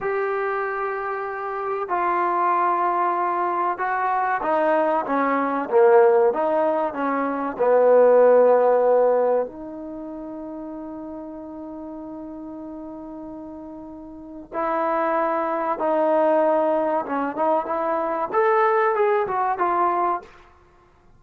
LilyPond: \new Staff \with { instrumentName = "trombone" } { \time 4/4 \tempo 4 = 95 g'2. f'4~ | f'2 fis'4 dis'4 | cis'4 ais4 dis'4 cis'4 | b2. dis'4~ |
dis'1~ | dis'2. e'4~ | e'4 dis'2 cis'8 dis'8 | e'4 a'4 gis'8 fis'8 f'4 | }